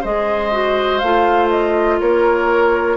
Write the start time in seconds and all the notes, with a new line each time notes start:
0.00 G#3 G#4 C5 D#5
0.51 F#4
0.98 A3 F4 F5
1.49 D#5
1.99 A#3 A#4 C#5